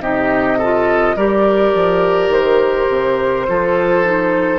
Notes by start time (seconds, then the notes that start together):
0.00 C3 D#4 G4 D#5
0.58 F4 A4
1.16 G3 G4 A#4 D5
1.74 F3
2.29 D#3 C5
2.89 C3
3.48 F3 F4 A4
4.04 D#4